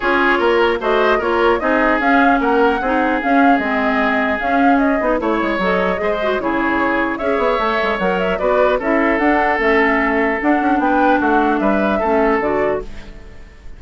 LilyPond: <<
  \new Staff \with { instrumentName = "flute" } { \time 4/4 \tempo 4 = 150 cis''2 dis''4 cis''4 | dis''4 f''4 fis''2 | f''4 dis''2 f''4 | dis''4 cis''4 dis''2 |
cis''2 e''2 | fis''8 e''8 d''4 e''4 fis''4 | e''2 fis''4 g''4 | fis''4 e''2 d''4 | }
  \new Staff \with { instrumentName = "oboe" } { \time 4/4 gis'4 ais'4 c''4 ais'4 | gis'2 ais'4 gis'4~ | gis'1~ | gis'4 cis''2 c''4 |
gis'2 cis''2~ | cis''4 b'4 a'2~ | a'2. b'4 | fis'4 b'4 a'2 | }
  \new Staff \with { instrumentName = "clarinet" } { \time 4/4 f'2 fis'4 f'4 | dis'4 cis'2 dis'4 | cis'4 c'2 cis'4~ | cis'8 dis'8 e'4 a'4 gis'8 fis'8 |
e'2 gis'4 a'4 | ais'4 fis'4 e'4 d'4 | cis'2 d'2~ | d'2 cis'4 fis'4 | }
  \new Staff \with { instrumentName = "bassoon" } { \time 4/4 cis'4 ais4 a4 ais4 | c'4 cis'4 ais4 c'4 | cis'4 gis2 cis'4~ | cis'8 b8 a8 gis8 fis4 gis4 |
cis2 cis'8 b8 a8 gis8 | fis4 b4 cis'4 d'4 | a2 d'8 cis'8 b4 | a4 g4 a4 d4 | }
>>